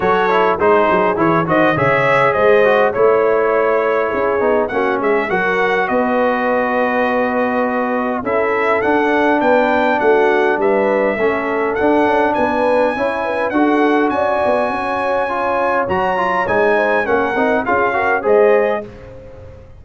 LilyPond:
<<
  \new Staff \with { instrumentName = "trumpet" } { \time 4/4 \tempo 4 = 102 cis''4 c''4 cis''8 dis''8 e''4 | dis''4 cis''2. | fis''8 e''8 fis''4 dis''2~ | dis''2 e''4 fis''4 |
g''4 fis''4 e''2 | fis''4 gis''2 fis''4 | gis''2. ais''4 | gis''4 fis''4 f''4 dis''4 | }
  \new Staff \with { instrumentName = "horn" } { \time 4/4 a'4 gis'4. c''8 cis''4 | c''4 cis''2 gis'4 | fis'8 gis'8 ais'4 b'2~ | b'2 a'2 |
b'4 fis'4 b'4 a'4~ | a'4 b'4 cis''8 b'8 a'4 | d''4 cis''2.~ | cis''8 c''8 ais'4 gis'8 ais'8 c''4 | }
  \new Staff \with { instrumentName = "trombone" } { \time 4/4 fis'8 e'8 dis'4 e'8 fis'8 gis'4~ | gis'8 fis'8 e'2~ e'8 dis'8 | cis'4 fis'2.~ | fis'2 e'4 d'4~ |
d'2. cis'4 | d'2 e'4 fis'4~ | fis'2 f'4 fis'8 f'8 | dis'4 cis'8 dis'8 f'8 fis'8 gis'4 | }
  \new Staff \with { instrumentName = "tuba" } { \time 4/4 fis4 gis8 fis8 e8 dis8 cis4 | gis4 a2 cis'8 b8 | ais8 gis8 fis4 b2~ | b2 cis'4 d'4 |
b4 a4 g4 a4 | d'8 cis'8 b4 cis'4 d'4 | cis'8 b8 cis'2 fis4 | gis4 ais8 c'8 cis'4 gis4 | }
>>